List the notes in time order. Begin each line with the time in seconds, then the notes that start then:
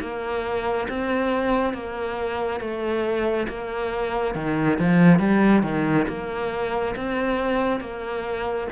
0.00 A#3
0.89 C4
1.73 A#3
2.60 A3
3.48 A#3
4.34 D#3
4.79 F3
5.19 G3
5.62 D#3
6.08 A#3
6.96 C4
7.80 A#3